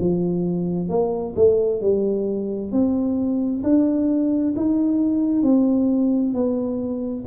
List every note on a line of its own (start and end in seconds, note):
0.00 0.89 F3
0.89 1.34 A#3
1.36 1.81 A3
1.81 2.71 G3
2.71 3.62 C4
3.63 4.54 D4
4.56 5.43 D#4
5.43 6.33 C4
6.34 7.25 B3